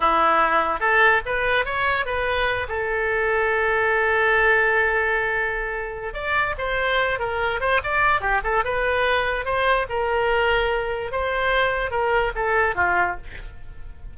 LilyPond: \new Staff \with { instrumentName = "oboe" } { \time 4/4 \tempo 4 = 146 e'2 a'4 b'4 | cis''4 b'4. a'4.~ | a'1~ | a'2. d''4 |
c''4. ais'4 c''8 d''4 | g'8 a'8 b'2 c''4 | ais'2. c''4~ | c''4 ais'4 a'4 f'4 | }